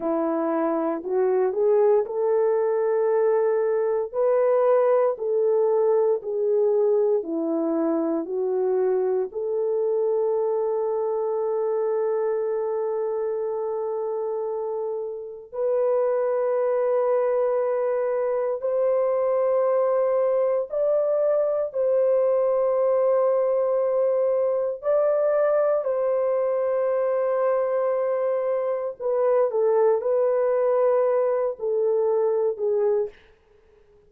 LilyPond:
\new Staff \with { instrumentName = "horn" } { \time 4/4 \tempo 4 = 58 e'4 fis'8 gis'8 a'2 | b'4 a'4 gis'4 e'4 | fis'4 a'2.~ | a'2. b'4~ |
b'2 c''2 | d''4 c''2. | d''4 c''2. | b'8 a'8 b'4. a'4 gis'8 | }